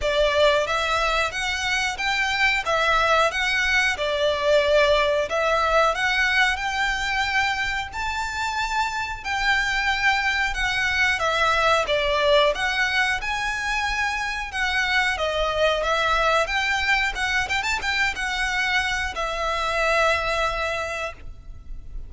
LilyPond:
\new Staff \with { instrumentName = "violin" } { \time 4/4 \tempo 4 = 91 d''4 e''4 fis''4 g''4 | e''4 fis''4 d''2 | e''4 fis''4 g''2 | a''2 g''2 |
fis''4 e''4 d''4 fis''4 | gis''2 fis''4 dis''4 | e''4 g''4 fis''8 g''16 a''16 g''8 fis''8~ | fis''4 e''2. | }